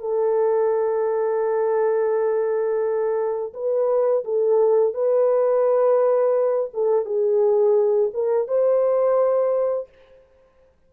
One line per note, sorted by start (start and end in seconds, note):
0.00 3.53 A4
3.54 4.24 B4
4.24 4.94 A4
4.94 6.70 B4
6.74 7.05 A4
7.05 8.11 G#4
8.13 8.48 A#4
8.48 9.89 C5